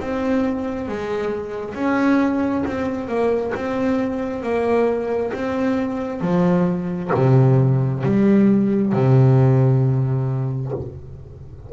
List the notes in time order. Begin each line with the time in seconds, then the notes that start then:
0.00 C4
0.89 G#3
1.75 C#4
2.66 C4
3.08 A#3
3.55 C4
4.43 A#3
5.34 C4
6.21 F3
7.14 C3
8.04 G3
8.93 C3